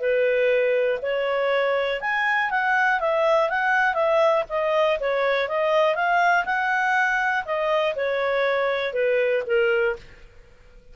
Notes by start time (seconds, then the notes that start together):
0.00 B4
1.02 C#5
2.01 G#5
2.51 F#5
3.00 E5
3.50 F#5
3.94 E5
4.49 D#5
5.00 C#5
5.48 D#5
5.95 F5
6.45 F#5
7.45 D#5
7.96 C#5
8.93 B4
9.46 A#4